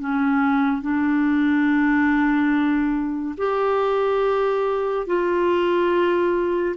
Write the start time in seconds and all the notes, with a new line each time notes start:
0.00 C#4
0.82 D4
3.38 G4
5.07 F4